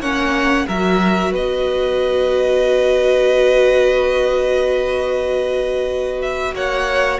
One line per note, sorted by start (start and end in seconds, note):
0.00 0.65 A#3
0.00 0.67 C#4
0.00 0.66 C#5
0.00 0.67 F#5
0.68 1.32 F#3
0.68 7.20 F#4
0.68 1.32 A#4
0.68 1.34 E5
1.32 6.53 B3
1.32 6.54 B4
1.32 6.22 D#5
6.22 6.54 E5
6.53 7.18 A#3
6.53 7.20 C#5
6.53 7.20 F#5